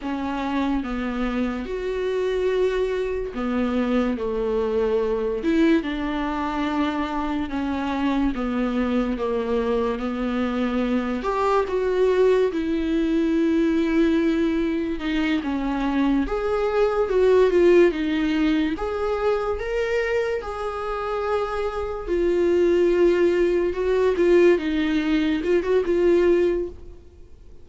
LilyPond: \new Staff \with { instrumentName = "viola" } { \time 4/4 \tempo 4 = 72 cis'4 b4 fis'2 | b4 a4. e'8 d'4~ | d'4 cis'4 b4 ais4 | b4. g'8 fis'4 e'4~ |
e'2 dis'8 cis'4 gis'8~ | gis'8 fis'8 f'8 dis'4 gis'4 ais'8~ | ais'8 gis'2 f'4.~ | f'8 fis'8 f'8 dis'4 f'16 fis'16 f'4 | }